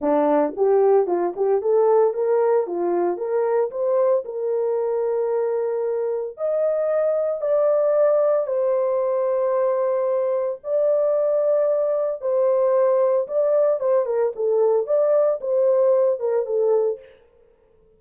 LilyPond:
\new Staff \with { instrumentName = "horn" } { \time 4/4 \tempo 4 = 113 d'4 g'4 f'8 g'8 a'4 | ais'4 f'4 ais'4 c''4 | ais'1 | dis''2 d''2 |
c''1 | d''2. c''4~ | c''4 d''4 c''8 ais'8 a'4 | d''4 c''4. ais'8 a'4 | }